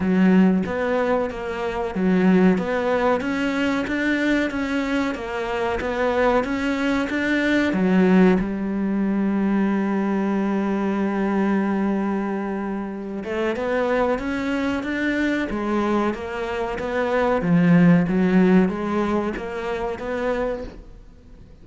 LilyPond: \new Staff \with { instrumentName = "cello" } { \time 4/4 \tempo 4 = 93 fis4 b4 ais4 fis4 | b4 cis'4 d'4 cis'4 | ais4 b4 cis'4 d'4 | fis4 g2.~ |
g1~ | g8 a8 b4 cis'4 d'4 | gis4 ais4 b4 f4 | fis4 gis4 ais4 b4 | }